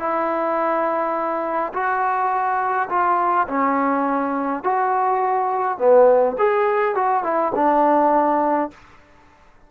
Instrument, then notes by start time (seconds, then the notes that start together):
trombone
0.00 E4
1.74 F#4
2.90 F4
3.49 C#4
4.64 F#4
5.78 B3
6.39 G#4
6.95 F#4
7.24 E4
7.56 D4